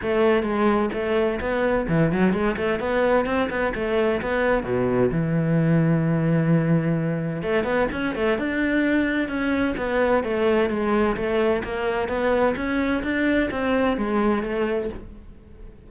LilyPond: \new Staff \with { instrumentName = "cello" } { \time 4/4 \tempo 4 = 129 a4 gis4 a4 b4 | e8 fis8 gis8 a8 b4 c'8 b8 | a4 b4 b,4 e4~ | e1 |
a8 b8 cis'8 a8 d'2 | cis'4 b4 a4 gis4 | a4 ais4 b4 cis'4 | d'4 c'4 gis4 a4 | }